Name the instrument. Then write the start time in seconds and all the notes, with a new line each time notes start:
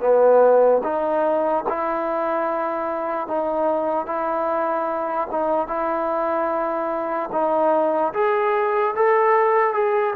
trombone
0.00 B3
0.83 D#4
1.68 E4
3.27 D#4
4.06 E4
5.31 D#4
5.67 E4
7.32 D#4
8.13 G#4
8.95 A4
9.73 G#4